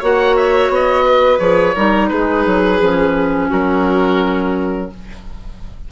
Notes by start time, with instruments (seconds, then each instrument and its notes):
0.00 bassoon A#3, clarinet F#4, violin C#5, oboe F#5
0.36 oboe E5
0.69 bassoon B3, oboe D#5
1.06 violin B4
1.39 bassoon F3, clarinet G#4, oboe C#5
1.75 bassoon G3, clarinet D#4, violin A#4
2.09 bassoon G#3, violin G#4, oboe B4
2.46 bassoon F#3
2.81 bassoon F3, clarinet C#4
3.49 bassoon F#3, violin F#4, oboe A#4